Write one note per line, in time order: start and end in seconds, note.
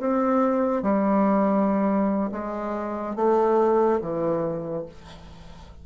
0.00 0.83 C4
0.83 2.31 G3
2.32 3.16 G#3
3.16 4.01 A3
4.02 4.86 E3